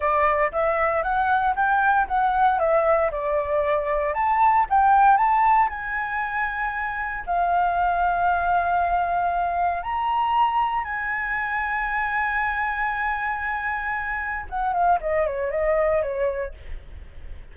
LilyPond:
\new Staff \with { instrumentName = "flute" } { \time 4/4 \tempo 4 = 116 d''4 e''4 fis''4 g''4 | fis''4 e''4 d''2 | a''4 g''4 a''4 gis''4~ | gis''2 f''2~ |
f''2. ais''4~ | ais''4 gis''2.~ | gis''1 | fis''8 f''8 dis''8 cis''8 dis''4 cis''4 | }